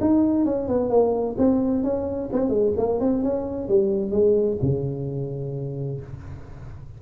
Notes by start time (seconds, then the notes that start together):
0.00 D#4
0.45 C#4
0.68 B3
0.89 A#3
1.38 C4
1.83 C#4
2.32 C4
2.49 G#3
2.77 A#3
3.00 C4
3.23 C#4
3.68 G3
4.11 G#3
4.62 C#3